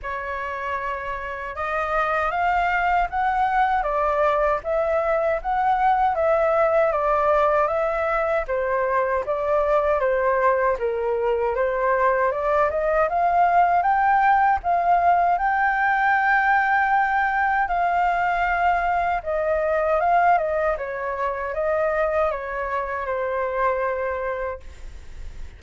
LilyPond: \new Staff \with { instrumentName = "flute" } { \time 4/4 \tempo 4 = 78 cis''2 dis''4 f''4 | fis''4 d''4 e''4 fis''4 | e''4 d''4 e''4 c''4 | d''4 c''4 ais'4 c''4 |
d''8 dis''8 f''4 g''4 f''4 | g''2. f''4~ | f''4 dis''4 f''8 dis''8 cis''4 | dis''4 cis''4 c''2 | }